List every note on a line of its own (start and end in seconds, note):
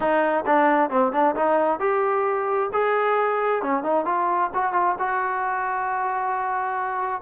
0.00 0.44 D#4
0.46 0.90 D4
0.90 1.12 C4
1.12 1.35 D4
1.35 1.79 D#4
1.79 2.69 G4
2.73 3.62 G#4
3.62 3.83 C#4
3.83 4.05 D#4
4.05 4.50 F4
4.54 4.72 F#4
4.72 4.95 F4
4.98 7.21 F#4